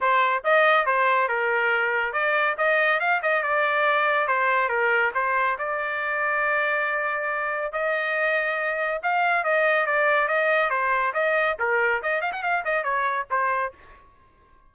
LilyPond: \new Staff \with { instrumentName = "trumpet" } { \time 4/4 \tempo 4 = 140 c''4 dis''4 c''4 ais'4~ | ais'4 d''4 dis''4 f''8 dis''8 | d''2 c''4 ais'4 | c''4 d''2.~ |
d''2 dis''2~ | dis''4 f''4 dis''4 d''4 | dis''4 c''4 dis''4 ais'4 | dis''8 f''16 fis''16 f''8 dis''8 cis''4 c''4 | }